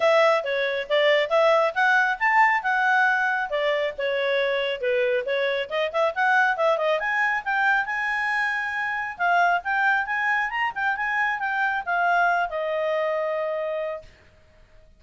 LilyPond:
\new Staff \with { instrumentName = "clarinet" } { \time 4/4 \tempo 4 = 137 e''4 cis''4 d''4 e''4 | fis''4 a''4 fis''2 | d''4 cis''2 b'4 | cis''4 dis''8 e''8 fis''4 e''8 dis''8 |
gis''4 g''4 gis''2~ | gis''4 f''4 g''4 gis''4 | ais''8 g''8 gis''4 g''4 f''4~ | f''8 dis''2.~ dis''8 | }